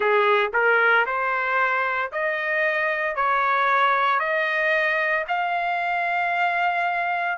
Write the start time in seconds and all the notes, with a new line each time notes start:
0.00 G#4
0.53 A#4
1.06 C5
2.11 D#5
3.15 C#5
4.19 D#5
5.28 F5